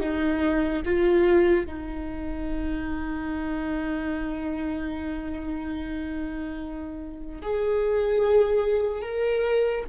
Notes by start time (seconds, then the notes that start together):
0.00 D#4
0.85 F4
1.66 D#4
7.42 G#4
9.02 A#4